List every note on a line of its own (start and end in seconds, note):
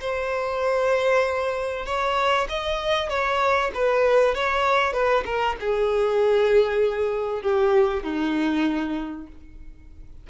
0.00 1.85 C5
1.85 2.47 C#5
2.49 3.09 D#5
3.09 3.71 C#5
3.74 4.34 B4
4.34 4.92 C#5
4.92 5.23 B4
5.25 5.56 A#4
5.60 7.42 G#4
7.42 8.03 G4
8.03 9.27 D#4